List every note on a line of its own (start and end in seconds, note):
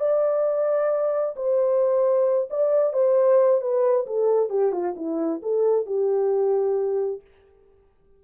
0.00 1.35 D5
1.36 2.49 C5
2.50 2.94 D5
2.94 3.61 C5
3.61 4.06 B4
4.07 4.50 A4
4.50 4.72 G4
4.72 4.95 F4
4.96 5.41 E4
5.43 5.86 A4
5.86 7.22 G4